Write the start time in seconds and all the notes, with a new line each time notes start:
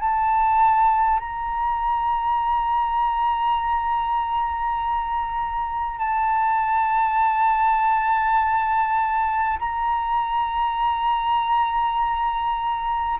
0.00 A5
1.19 A#5
5.98 A5
9.59 A#5